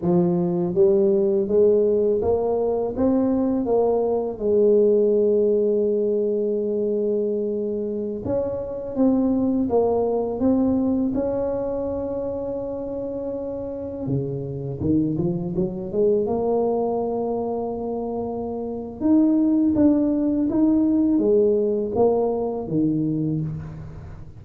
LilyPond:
\new Staff \with { instrumentName = "tuba" } { \time 4/4 \tempo 4 = 82 f4 g4 gis4 ais4 | c'4 ais4 gis2~ | gis2.~ gis16 cis'8.~ | cis'16 c'4 ais4 c'4 cis'8.~ |
cis'2.~ cis'16 cis8.~ | cis16 dis8 f8 fis8 gis8 ais4.~ ais16~ | ais2 dis'4 d'4 | dis'4 gis4 ais4 dis4 | }